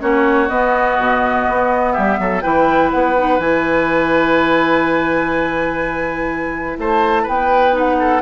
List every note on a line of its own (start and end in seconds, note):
0.00 0.49 A#3
0.00 0.48 C#4
0.00 1.93 F#4
0.00 0.49 C#5
0.49 2.42 B3
0.49 0.98 B3
0.49 1.92 D#5
0.98 1.47 B2
1.48 1.97 B3
1.92 2.19 G3
1.92 2.17 G4
1.92 2.41 E5
2.19 2.43 F#3
2.19 2.43 A4
2.41 2.93 E3
2.41 3.15 E4
2.41 6.78 B4
2.41 2.89 G5
2.91 3.39 B3
2.91 3.39 F#5
3.17 3.38 D#4
3.38 6.77 E3
3.38 7.72 E4
3.38 6.78 G#5
6.78 7.26 A3
6.78 7.23 C5
6.78 7.27 A5
7.23 8.22 B3
7.23 7.95 B4
7.23 7.76 G5
7.72 8.21 D#4
7.72 8.22 F#5
7.99 8.22 A4